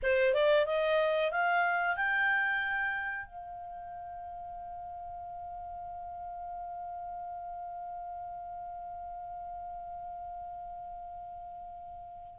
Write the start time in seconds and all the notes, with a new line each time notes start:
0.02 C5
0.33 D5
0.66 D#5
1.31 F5
1.96 G5
3.26 F5